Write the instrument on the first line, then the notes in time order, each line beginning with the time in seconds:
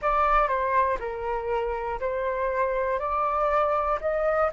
flute
0.01 D5
0.48 C5
1.00 A#4
2.00 C5
2.99 D5
4.00 D#5